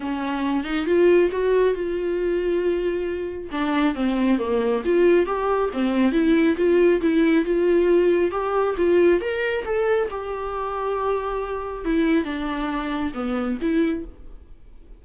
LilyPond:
\new Staff \with { instrumentName = "viola" } { \time 4/4 \tempo 4 = 137 cis'4. dis'8 f'4 fis'4 | f'1 | d'4 c'4 ais4 f'4 | g'4 c'4 e'4 f'4 |
e'4 f'2 g'4 | f'4 ais'4 a'4 g'4~ | g'2. e'4 | d'2 b4 e'4 | }